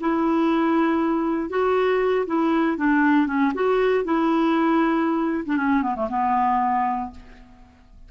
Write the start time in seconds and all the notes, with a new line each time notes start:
0.00 E4
1.49 F#4
2.26 E4
2.77 D4
3.27 C#4
3.54 F#4
4.04 E4
5.45 D4
5.57 C#4
5.82 B3
5.95 A3
6.09 B3